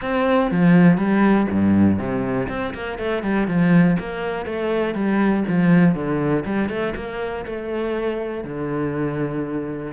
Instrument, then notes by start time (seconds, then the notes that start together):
cello
0.01 C4
0.51 F3
0.97 G3
1.50 G2
1.98 C3
2.48 C4
2.73 A#3
2.98 A3
3.22 G3
3.47 F3
3.99 A#3
4.45 A3
4.94 G3
5.48 F3
5.95 D3
6.45 G3
6.69 A3
6.95 A#3
7.45 A3
8.43 D3